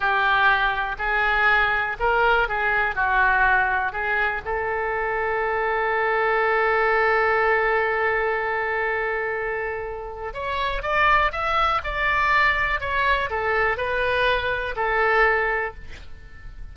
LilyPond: \new Staff \with { instrumentName = "oboe" } { \time 4/4 \tempo 4 = 122 g'2 gis'2 | ais'4 gis'4 fis'2 | gis'4 a'2.~ | a'1~ |
a'1~ | a'4 cis''4 d''4 e''4 | d''2 cis''4 a'4 | b'2 a'2 | }